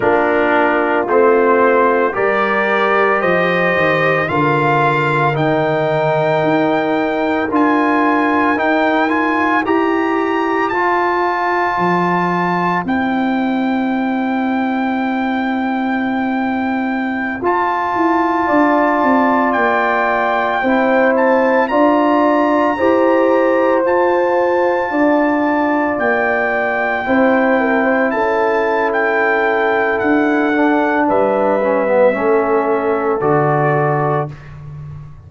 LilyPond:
<<
  \new Staff \with { instrumentName = "trumpet" } { \time 4/4 \tempo 4 = 56 ais'4 c''4 d''4 dis''4 | f''4 g''2 gis''4 | g''8 gis''8 ais''4 a''2 | g''1~ |
g''16 a''2 g''4. a''16~ | a''16 ais''2 a''4.~ a''16~ | a''16 g''2 a''8. g''4 | fis''4 e''2 d''4 | }
  \new Staff \with { instrumentName = "horn" } { \time 4/4 f'2 ais'4 c''4 | ais'1~ | ais'4 c''2.~ | c''1~ |
c''4~ c''16 d''2 c''8.~ | c''16 d''4 c''2 d''8.~ | d''4~ d''16 c''8 ais'16 c''16 a'4.~ a'16~ | a'4 b'4 a'2 | }
  \new Staff \with { instrumentName = "trombone" } { \time 4/4 d'4 c'4 g'2 | f'4 dis'2 f'4 | dis'8 f'8 g'4 f'2 | e'1~ |
e'16 f'2. e'8.~ | e'16 f'4 g'4 f'4.~ f'16~ | f'4~ f'16 e'2~ e'8.~ | e'8 d'4 cis'16 b16 cis'4 fis'4 | }
  \new Staff \with { instrumentName = "tuba" } { \time 4/4 ais4 a4 g4 f8 dis8 | d4 dis4 dis'4 d'4 | dis'4 e'4 f'4 f4 | c'1~ |
c'16 f'8 e'8 d'8 c'8 ais4 c'8.~ | c'16 d'4 e'4 f'4 d'8.~ | d'16 ais4 c'4 cis'4.~ cis'16 | d'4 g4 a4 d4 | }
>>